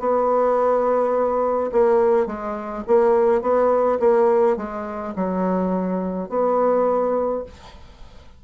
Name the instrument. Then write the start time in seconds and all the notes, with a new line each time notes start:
bassoon
0.00 B3
1.72 A#3
2.27 G#3
2.88 A#3
3.42 B3
4.00 A#3
4.57 G#3
5.16 F#3
6.30 B3